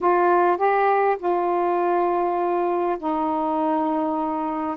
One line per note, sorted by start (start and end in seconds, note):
0.00 0.57 F4
0.57 1.16 G4
1.19 2.97 F4
2.98 4.77 D#4